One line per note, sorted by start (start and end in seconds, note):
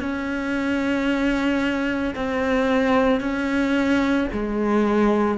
0.00 2.14 C#4
2.15 3.20 C4
3.20 4.28 C#4
4.32 5.38 G#3